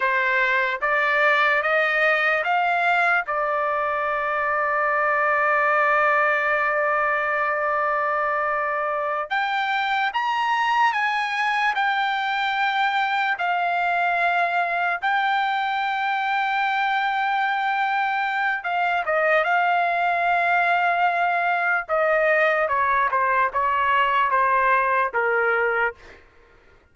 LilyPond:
\new Staff \with { instrumentName = "trumpet" } { \time 4/4 \tempo 4 = 74 c''4 d''4 dis''4 f''4 | d''1~ | d''2.~ d''8 g''8~ | g''8 ais''4 gis''4 g''4.~ |
g''8 f''2 g''4.~ | g''2. f''8 dis''8 | f''2. dis''4 | cis''8 c''8 cis''4 c''4 ais'4 | }